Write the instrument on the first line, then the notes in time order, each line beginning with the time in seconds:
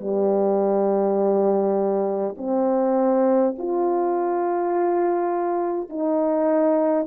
horn
0.00 G3
2.37 C4
3.58 F4
5.89 D#4